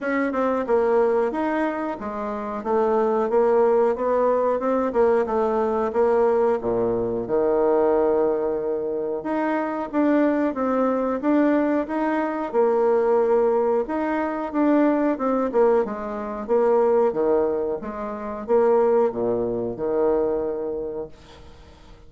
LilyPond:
\new Staff \with { instrumentName = "bassoon" } { \time 4/4 \tempo 4 = 91 cis'8 c'8 ais4 dis'4 gis4 | a4 ais4 b4 c'8 ais8 | a4 ais4 ais,4 dis4~ | dis2 dis'4 d'4 |
c'4 d'4 dis'4 ais4~ | ais4 dis'4 d'4 c'8 ais8 | gis4 ais4 dis4 gis4 | ais4 ais,4 dis2 | }